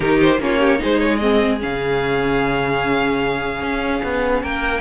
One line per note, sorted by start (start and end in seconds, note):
0.00 0.39 D#3
0.00 0.39 D#4
0.00 0.40 G4
0.00 0.20 A#4
0.21 0.41 C5
0.39 0.80 A#3
0.39 0.79 C#4
0.39 0.59 F4
0.39 0.82 C#5
0.59 0.79 G4
0.79 1.63 G#3
0.79 1.19 D#4
0.79 4.42 G#4
0.79 0.99 C5
0.99 1.17 C#5
1.17 1.59 C4
1.17 1.57 D#5
1.59 3.61 C#3
1.59 4.81 C#4
1.59 4.43 F5
3.61 4.01 C#4
4.03 4.42 B3
4.42 4.81 A#3
4.42 4.81 A#4
4.42 4.81 G5